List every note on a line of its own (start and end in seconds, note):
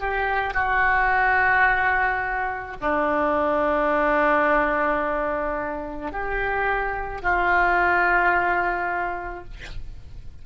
0.00 0.55 G4
0.55 2.77 F#4
2.81 6.12 D4
6.12 7.22 G4
7.22 9.44 F4